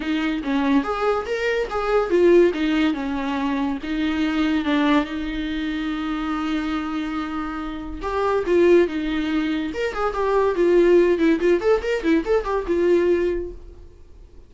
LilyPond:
\new Staff \with { instrumentName = "viola" } { \time 4/4 \tempo 4 = 142 dis'4 cis'4 gis'4 ais'4 | gis'4 f'4 dis'4 cis'4~ | cis'4 dis'2 d'4 | dis'1~ |
dis'2. g'4 | f'4 dis'2 ais'8 gis'8 | g'4 f'4. e'8 f'8 a'8 | ais'8 e'8 a'8 g'8 f'2 | }